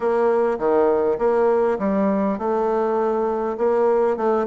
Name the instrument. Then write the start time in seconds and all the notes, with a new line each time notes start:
bassoon
0.00 A#3
0.58 D#3
1.18 A#3
1.78 G3
2.38 A3
3.57 A#3
4.16 A3